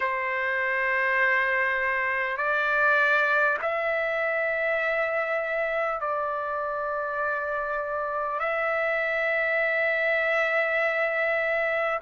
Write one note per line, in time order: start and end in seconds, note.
0.00 2.37 C5
2.37 3.57 D5
3.62 6.00 E5
6.00 8.39 D5
8.39 11.99 E5